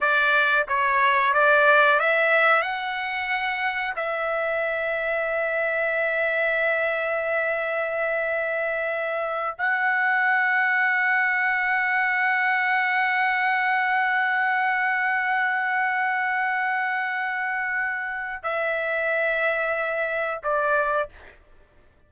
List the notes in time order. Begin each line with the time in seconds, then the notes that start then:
0.00 D5
0.67 C#5
1.33 D5
1.99 E5
2.62 F#5
3.96 E5
9.58 F#5
18.43 E5
20.43 D5